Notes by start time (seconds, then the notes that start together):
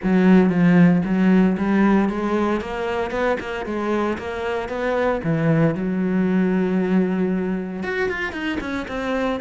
0.03 F#3
0.49 F3
1.04 F#3
1.57 G3
2.09 G#3
2.61 A#3
3.10 B3
3.40 A#3
3.65 G#3
4.18 A#3
4.69 B3
5.23 E3
5.74 F#3
7.83 F#4
8.09 F4
8.32 D#4
8.60 C#4
8.88 C4